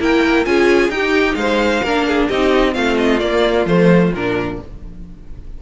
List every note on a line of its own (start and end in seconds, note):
0.00 0.46 A#3
0.00 0.45 E4
0.00 0.46 A#4
0.00 0.46 G5
0.45 0.89 C#4
0.45 0.91 F4
0.45 0.94 G#4
0.45 0.91 G#5
0.89 1.35 D#4
0.89 1.85 D#4
0.89 1.39 G4
0.89 1.35 G5
1.35 1.81 G#3
1.35 1.84 C5
1.35 2.27 F5
1.83 2.29 A#3
1.83 2.32 D4
1.83 2.07 A#4
2.07 2.28 G#4
2.28 2.76 C4
2.28 2.73 D#4
2.28 2.74 G4
2.28 2.74 D#5
2.73 3.21 A3
2.73 3.18 C4
2.73 4.58 F4
2.73 2.97 F5
2.98 3.20 D#5
3.20 3.67 A#3
3.20 3.66 A#3
3.20 3.65 D5
3.66 4.12 F3
3.66 4.13 A3
3.66 4.13 C5
4.13 4.59 A#2
4.13 4.62 D4
4.13 4.61 A#4